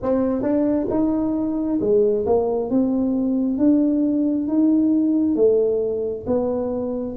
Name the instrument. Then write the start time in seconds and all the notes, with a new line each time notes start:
tuba
0.02 C4
0.42 D4
0.90 D#4
1.80 G#3
2.26 A#3
2.69 C4
3.58 D4
4.47 D#4
5.35 A3
6.26 B3